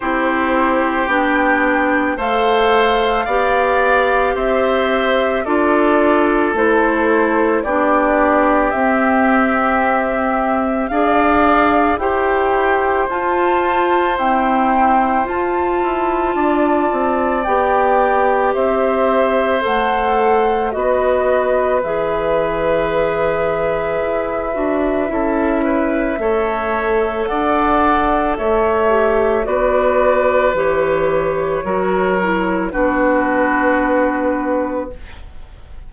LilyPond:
<<
  \new Staff \with { instrumentName = "flute" } { \time 4/4 \tempo 4 = 55 c''4 g''4 f''2 | e''4 d''4 c''4 d''4 | e''2 f''4 g''4 | a''4 g''4 a''2 |
g''4 e''4 fis''4 dis''4 | e''1~ | e''4 fis''4 e''4 d''4 | cis''2 b'2 | }
  \new Staff \with { instrumentName = "oboe" } { \time 4/4 g'2 c''4 d''4 | c''4 a'2 g'4~ | g'2 d''4 c''4~ | c''2. d''4~ |
d''4 c''2 b'4~ | b'2. a'8 b'8 | cis''4 d''4 cis''4 b'4~ | b'4 ais'4 fis'2 | }
  \new Staff \with { instrumentName = "clarinet" } { \time 4/4 e'4 d'4 a'4 g'4~ | g'4 f'4 e'4 d'4 | c'2 gis'4 g'4 | f'4 c'4 f'2 |
g'2 a'4 fis'4 | gis'2~ gis'8 fis'8 e'4 | a'2~ a'8 g'8 fis'4 | g'4 fis'8 e'8 d'2 | }
  \new Staff \with { instrumentName = "bassoon" } { \time 4/4 c'4 b4 a4 b4 | c'4 d'4 a4 b4 | c'2 d'4 e'4 | f'4 e'4 f'8 e'8 d'8 c'8 |
b4 c'4 a4 b4 | e2 e'8 d'8 cis'4 | a4 d'4 a4 b4 | e4 fis4 b2 | }
>>